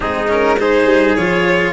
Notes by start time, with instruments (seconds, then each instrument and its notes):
0.00 tuba G#3, cello C4, trumpet D#4, violin G#4
0.28 cello C#4, violin A#4
0.59 cello D#4, trumpet G#4, violin C5
0.85 tuba G3
1.15 tuba F3, cello F4, violin C#5